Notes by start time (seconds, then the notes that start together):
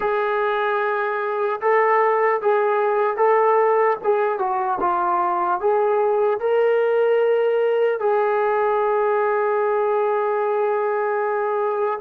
0.00 G#4
1.60 A4
2.41 G#4
3.16 A4
4.03 G#4
4.39 F#4
4.80 F4
5.60 G#4
6.40 A#4
7.99 G#4